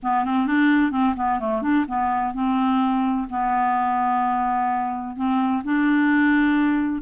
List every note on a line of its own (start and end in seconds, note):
0.02 0.24 B3
0.24 0.46 C4
0.46 0.91 D4
0.91 1.14 C4
1.16 1.39 B3
1.39 1.62 A3
1.62 1.85 D4
1.87 2.34 B3
2.34 3.27 C4
3.29 5.16 B3
5.16 5.62 C4
5.64 7.02 D4